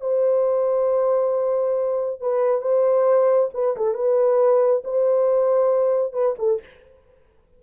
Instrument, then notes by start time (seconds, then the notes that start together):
horn
0.00 C5
2.20 B4
2.61 C5
3.54 B4
3.76 A4
3.94 B4
4.84 C5
6.12 B4
6.38 A4